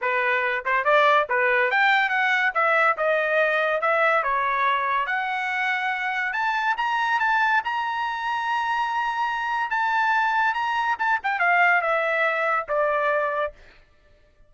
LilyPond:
\new Staff \with { instrumentName = "trumpet" } { \time 4/4 \tempo 4 = 142 b'4. c''8 d''4 b'4 | g''4 fis''4 e''4 dis''4~ | dis''4 e''4 cis''2 | fis''2. a''4 |
ais''4 a''4 ais''2~ | ais''2. a''4~ | a''4 ais''4 a''8 g''8 f''4 | e''2 d''2 | }